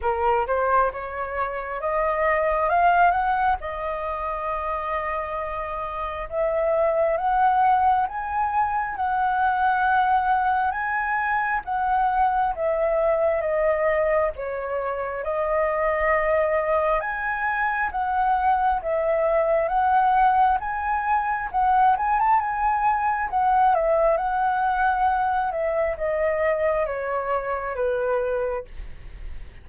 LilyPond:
\new Staff \with { instrumentName = "flute" } { \time 4/4 \tempo 4 = 67 ais'8 c''8 cis''4 dis''4 f''8 fis''8 | dis''2. e''4 | fis''4 gis''4 fis''2 | gis''4 fis''4 e''4 dis''4 |
cis''4 dis''2 gis''4 | fis''4 e''4 fis''4 gis''4 | fis''8 gis''16 a''16 gis''4 fis''8 e''8 fis''4~ | fis''8 e''8 dis''4 cis''4 b'4 | }